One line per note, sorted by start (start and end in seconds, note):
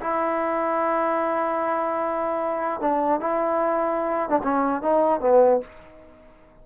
0.00 2.80 E4
2.80 3.20 D4
3.20 4.29 E4
4.29 4.39 D4
4.43 4.81 C#4
4.81 5.20 D#4
5.20 5.60 B3